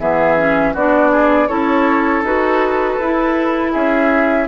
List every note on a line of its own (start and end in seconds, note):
0.00 0.74 E3
0.00 0.38 B3
0.00 0.74 G#4
0.00 0.75 E5
0.38 0.75 C#4
0.74 1.49 B3
0.74 1.49 D4
0.74 1.11 F#4
0.74 1.48 D5
1.12 1.49 G#4
1.48 2.23 C#4
1.48 2.24 E4
1.48 3.73 A4
1.48 2.23 C#5
2.23 2.98 D#4
2.23 3.00 F#4
2.23 3.73 B4
2.99 3.74 E4
2.99 4.48 E4
3.73 4.48 C#4
3.73 4.48 G#4
3.73 4.48 E5